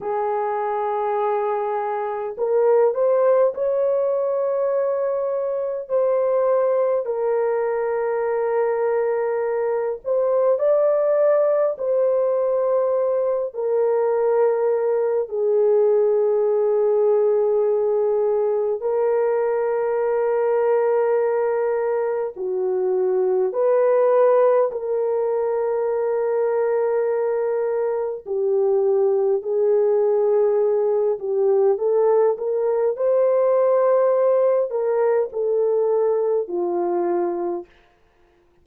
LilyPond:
\new Staff \with { instrumentName = "horn" } { \time 4/4 \tempo 4 = 51 gis'2 ais'8 c''8 cis''4~ | cis''4 c''4 ais'2~ | ais'8 c''8 d''4 c''4. ais'8~ | ais'4 gis'2. |
ais'2. fis'4 | b'4 ais'2. | g'4 gis'4. g'8 a'8 ais'8 | c''4. ais'8 a'4 f'4 | }